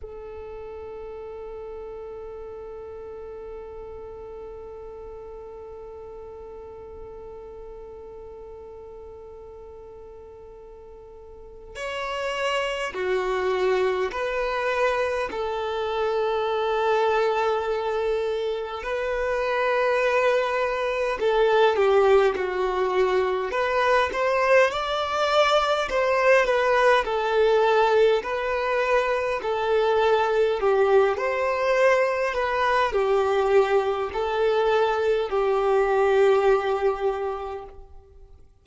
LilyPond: \new Staff \with { instrumentName = "violin" } { \time 4/4 \tempo 4 = 51 a'1~ | a'1~ | a'2 cis''4 fis'4 | b'4 a'2. |
b'2 a'8 g'8 fis'4 | b'8 c''8 d''4 c''8 b'8 a'4 | b'4 a'4 g'8 c''4 b'8 | g'4 a'4 g'2 | }